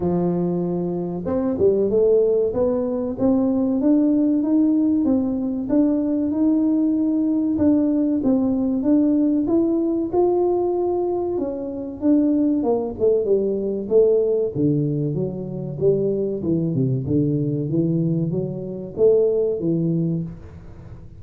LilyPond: \new Staff \with { instrumentName = "tuba" } { \time 4/4 \tempo 4 = 95 f2 c'8 g8 a4 | b4 c'4 d'4 dis'4 | c'4 d'4 dis'2 | d'4 c'4 d'4 e'4 |
f'2 cis'4 d'4 | ais8 a8 g4 a4 d4 | fis4 g4 e8 c8 d4 | e4 fis4 a4 e4 | }